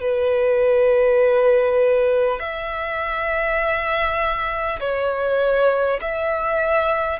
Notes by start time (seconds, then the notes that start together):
0.00 B4
2.39 E5
4.79 C#5
6.01 E5